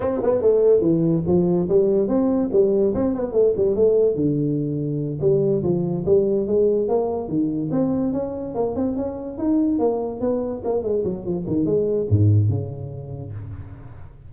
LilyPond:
\new Staff \with { instrumentName = "tuba" } { \time 4/4 \tempo 4 = 144 c'8 b8 a4 e4 f4 | g4 c'4 g4 c'8 b8 | a8 g8 a4 d2~ | d8 g4 f4 g4 gis8~ |
gis8 ais4 dis4 c'4 cis'8~ | cis'8 ais8 c'8 cis'4 dis'4 ais8~ | ais8 b4 ais8 gis8 fis8 f8 dis8 | gis4 gis,4 cis2 | }